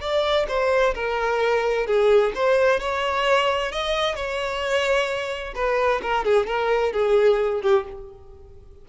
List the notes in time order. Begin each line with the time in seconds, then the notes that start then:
0.00 D5
0.48 C5
0.94 A#4
1.86 G#4
2.35 C5
2.80 C#5
3.72 D#5
4.15 C#5
5.55 B4
6.02 A#4
6.25 G#4
6.47 A#4
6.92 G#4
7.62 G4